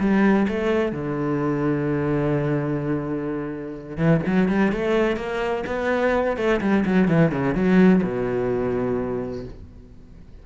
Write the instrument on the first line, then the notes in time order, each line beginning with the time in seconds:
cello
0.00 G3
0.48 A3
0.92 D3
3.97 E3
4.26 F#3
4.49 G3
4.72 A3
5.17 A#3
5.67 B3
6.37 A3
6.61 G3
6.85 F#3
7.08 E3
7.32 C#3
7.55 F#3
8.03 B2